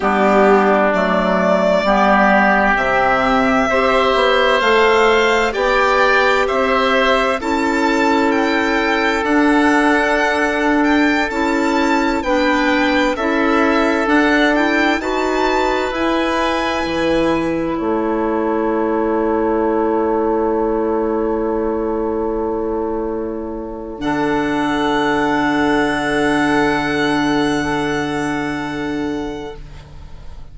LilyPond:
<<
  \new Staff \with { instrumentName = "violin" } { \time 4/4 \tempo 4 = 65 g'4 d''2 e''4~ | e''4 f''4 g''4 e''4 | a''4 g''4 fis''4.~ fis''16 g''16~ | g''16 a''4 g''4 e''4 fis''8 g''16~ |
g''16 a''4 gis''2 a''8.~ | a''1~ | a''2 fis''2~ | fis''1 | }
  \new Staff \with { instrumentName = "oboe" } { \time 4/4 d'2 g'2 | c''2 d''4 c''4 | a'1~ | a'4~ a'16 b'4 a'4.~ a'16~ |
a'16 b'2. cis''8.~ | cis''1~ | cis''2 a'2~ | a'1 | }
  \new Staff \with { instrumentName = "clarinet" } { \time 4/4 b4 a4 b4 c'4 | g'4 a'4 g'2 | e'2 d'2~ | d'16 e'4 d'4 e'4 d'8 e'16~ |
e'16 fis'4 e'2~ e'8.~ | e'1~ | e'2 d'2~ | d'1 | }
  \new Staff \with { instrumentName = "bassoon" } { \time 4/4 g4 fis4 g4 c4 | c'8 b8 a4 b4 c'4 | cis'2 d'2~ | d'16 cis'4 b4 cis'4 d'8.~ |
d'16 dis'4 e'4 e4 a8.~ | a1~ | a2 d2~ | d1 | }
>>